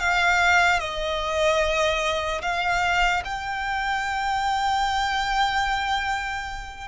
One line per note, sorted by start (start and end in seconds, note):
0.00 0.79 F5
0.79 2.41 D#5
2.42 3.23 F5
3.25 6.88 G5